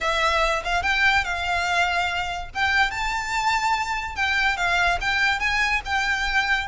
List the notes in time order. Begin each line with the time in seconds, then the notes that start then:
0.00 E5
0.64 F5
0.82 G5
1.24 F5
2.54 G5
2.91 A5
4.15 G5
4.56 F5
5.01 G5
5.39 G#5
5.85 G5